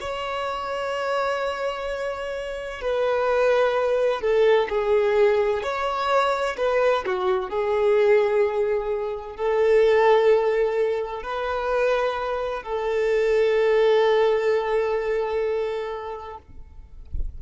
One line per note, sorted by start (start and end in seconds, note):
0.00 2.81 C#5
2.81 4.21 B4
4.21 4.68 A4
4.69 5.62 G#4
5.62 6.56 C#5
6.57 7.04 B4
7.06 7.50 F#4
7.50 9.36 G#4
9.36 11.22 A4
11.22 12.63 B4
12.63 16.38 A4